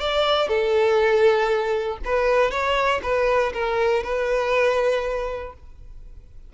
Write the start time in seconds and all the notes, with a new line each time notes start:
0.00 D5
0.48 A4
2.05 B4
2.51 C#5
3.03 B4
3.54 A#4
4.03 B4